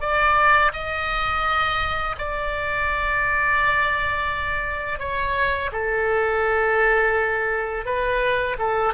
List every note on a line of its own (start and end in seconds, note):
0.00 0.71 D5
0.73 2.16 D#5
2.18 4.99 D5
4.99 5.70 C#5
5.72 7.85 A4
7.85 8.56 B4
8.58 8.94 A4